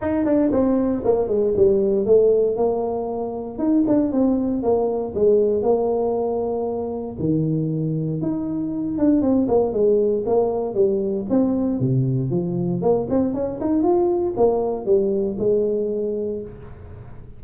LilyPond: \new Staff \with { instrumentName = "tuba" } { \time 4/4 \tempo 4 = 117 dis'8 d'8 c'4 ais8 gis8 g4 | a4 ais2 dis'8 d'8 | c'4 ais4 gis4 ais4~ | ais2 dis2 |
dis'4. d'8 c'8 ais8 gis4 | ais4 g4 c'4 c4 | f4 ais8 c'8 cis'8 dis'8 f'4 | ais4 g4 gis2 | }